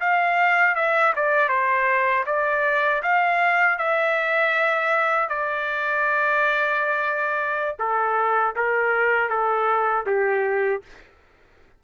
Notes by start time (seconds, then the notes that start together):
0.00 F5
0.75 E5
1.16 D5
1.48 C5
2.26 D5
3.02 F5
3.78 E5
5.29 D5
7.79 A4
8.55 A#4
9.29 A4
10.06 G4